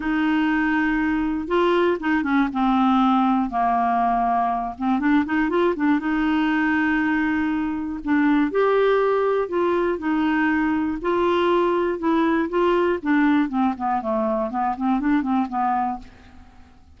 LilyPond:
\new Staff \with { instrumentName = "clarinet" } { \time 4/4 \tempo 4 = 120 dis'2. f'4 | dis'8 cis'8 c'2 ais4~ | ais4. c'8 d'8 dis'8 f'8 d'8 | dis'1 |
d'4 g'2 f'4 | dis'2 f'2 | e'4 f'4 d'4 c'8 b8 | a4 b8 c'8 d'8 c'8 b4 | }